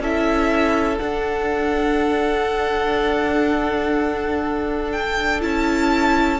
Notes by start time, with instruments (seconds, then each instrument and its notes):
0.00 cello C#4, viola E4, violin A4 E5
0.98 viola D4, cello D4, violin F#5
4.92 violin G5
5.41 cello C#4, viola E4, violin A5